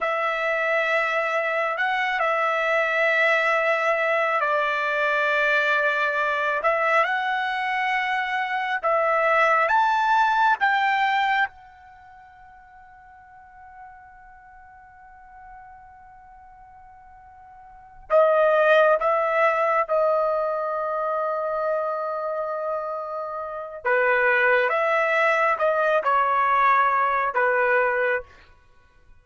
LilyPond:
\new Staff \with { instrumentName = "trumpet" } { \time 4/4 \tempo 4 = 68 e''2 fis''8 e''4.~ | e''4 d''2~ d''8 e''8 | fis''2 e''4 a''4 | g''4 fis''2.~ |
fis''1~ | fis''8 dis''4 e''4 dis''4.~ | dis''2. b'4 | e''4 dis''8 cis''4. b'4 | }